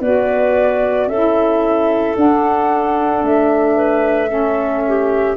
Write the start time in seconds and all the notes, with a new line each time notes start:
0.00 B3 F#4 B4 D5
1.07 C#4 A4 E5
1.13 E4
2.15 D4 F#5
3.23 A3 E5
3.76 B4
4.28 C#4 A4
4.88 G4